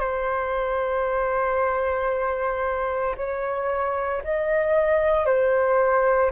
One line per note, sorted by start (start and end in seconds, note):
0.00 3.16 C5
3.17 4.22 C#5
4.24 5.26 D#5
5.26 6.32 C5